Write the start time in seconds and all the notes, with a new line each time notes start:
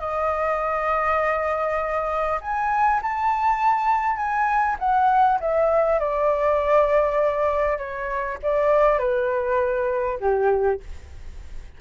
0.00 D#5
2.41 G#5
3.02 A5
4.17 G#5
4.79 F#5
5.41 E5
6.00 D5
7.78 C#5
8.43 D5
8.99 B4
10.21 G4